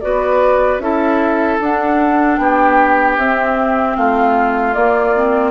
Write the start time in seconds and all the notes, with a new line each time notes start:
0.00 B3 F#4 B4 D5
0.79 C#4 E4 A4 E5
1.60 D4 F#5
2.37 B3 G4 G5
3.17 C4 E5
3.96 A3 F4 F5
4.73 A#3 D5
5.15 C4